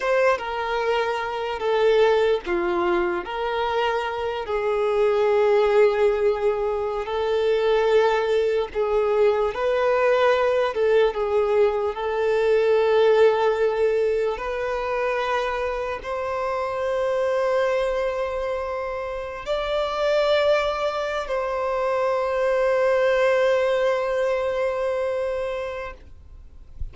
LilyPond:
\new Staff \with { instrumentName = "violin" } { \time 4/4 \tempo 4 = 74 c''8 ais'4. a'4 f'4 | ais'4. gis'2~ gis'8~ | gis'8. a'2 gis'4 b'16~ | b'4~ b'16 a'8 gis'4 a'4~ a'16~ |
a'4.~ a'16 b'2 c''16~ | c''1 | d''2~ d''16 c''4.~ c''16~ | c''1 | }